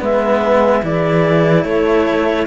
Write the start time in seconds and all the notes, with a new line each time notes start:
0.00 G#3 B3 B4 E5
0.83 E3 E4 G#4 D5
1.64 A3 A4 C#5